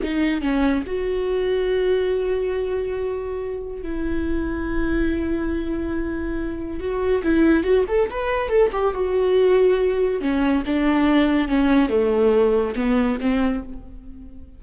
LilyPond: \new Staff \with { instrumentName = "viola" } { \time 4/4 \tempo 4 = 141 dis'4 cis'4 fis'2~ | fis'1~ | fis'4 e'2.~ | e'1 |
fis'4 e'4 fis'8 a'8 b'4 | a'8 g'8 fis'2. | cis'4 d'2 cis'4 | a2 b4 c'4 | }